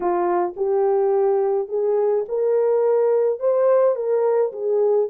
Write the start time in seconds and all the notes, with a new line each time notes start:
0.00 F4
0.56 G4
1.68 G#4
2.28 A#4
3.39 C5
3.95 A#4
4.52 G#4